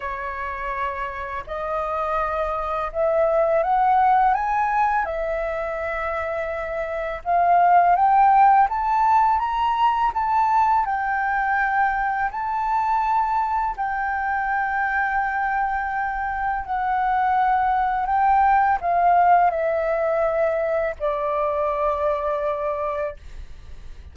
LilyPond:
\new Staff \with { instrumentName = "flute" } { \time 4/4 \tempo 4 = 83 cis''2 dis''2 | e''4 fis''4 gis''4 e''4~ | e''2 f''4 g''4 | a''4 ais''4 a''4 g''4~ |
g''4 a''2 g''4~ | g''2. fis''4~ | fis''4 g''4 f''4 e''4~ | e''4 d''2. | }